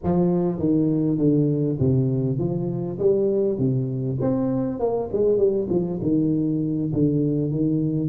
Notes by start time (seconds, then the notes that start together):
0.03 F3
0.58 D#3
1.18 D3
1.79 C3
2.38 F3
2.98 G3
3.58 C3
4.20 C4
4.79 A#3
5.12 G#3
5.37 G3
5.69 F3
6.02 D#3
6.93 D3
7.51 D#3